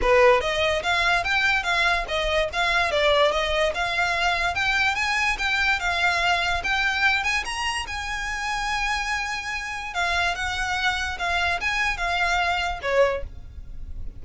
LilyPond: \new Staff \with { instrumentName = "violin" } { \time 4/4 \tempo 4 = 145 b'4 dis''4 f''4 g''4 | f''4 dis''4 f''4 d''4 | dis''4 f''2 g''4 | gis''4 g''4 f''2 |
g''4. gis''8 ais''4 gis''4~ | gis''1 | f''4 fis''2 f''4 | gis''4 f''2 cis''4 | }